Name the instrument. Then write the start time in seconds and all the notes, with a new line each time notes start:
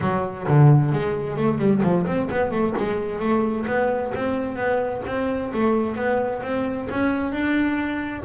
double bass
0.00 F#3
0.47 D3
0.92 G#3
1.36 A3
1.58 G3
1.82 F3
2.06 C4
2.30 B3
2.51 A3
2.77 G#3
3.19 A3
3.66 B3
4.14 C4
4.56 B3
5.06 C4
5.53 A3
5.95 B3
6.42 C4
6.89 C#4
7.32 D4